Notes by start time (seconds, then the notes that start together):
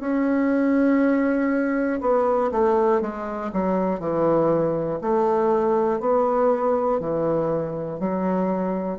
0.00 C#4
2.00 B3
2.51 A3
3.01 G#3
3.52 F#3
3.99 E3
5.01 A3
6.00 B3
7.00 E3
7.99 F#3